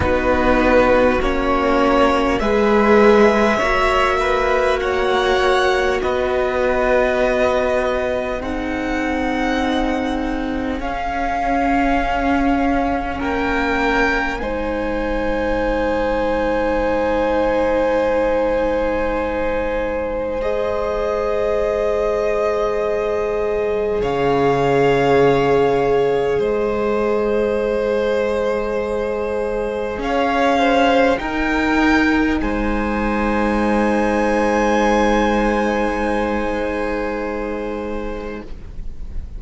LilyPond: <<
  \new Staff \with { instrumentName = "violin" } { \time 4/4 \tempo 4 = 50 b'4 cis''4 e''2 | fis''4 dis''2 fis''4~ | fis''4 f''2 g''4 | gis''1~ |
gis''4 dis''2. | f''2 dis''2~ | dis''4 f''4 g''4 gis''4~ | gis''1 | }
  \new Staff \with { instrumentName = "violin" } { \time 4/4 fis'2 b'4 cis''8 b'8 | cis''4 b'2 gis'4~ | gis'2. ais'4 | c''1~ |
c''1 | cis''2 c''2~ | c''4 cis''8 c''8 ais'4 c''4~ | c''1 | }
  \new Staff \with { instrumentName = "viola" } { \time 4/4 dis'4 cis'4 gis'4 fis'4~ | fis'2. dis'4~ | dis'4 cis'2. | dis'1~ |
dis'4 gis'2.~ | gis'1~ | gis'2 dis'2~ | dis'1 | }
  \new Staff \with { instrumentName = "cello" } { \time 4/4 b4 ais4 gis4 ais4~ | ais4 b2 c'4~ | c'4 cis'2 ais4 | gis1~ |
gis1 | cis2 gis2~ | gis4 cis'4 dis'4 gis4~ | gis1 | }
>>